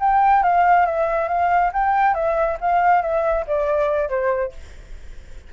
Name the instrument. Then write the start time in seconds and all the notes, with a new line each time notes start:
flute
0.00 G5
0.43 F5
0.86 E5
1.28 F5
1.73 G5
2.14 E5
2.61 F5
3.02 E5
3.47 D5
4.09 C5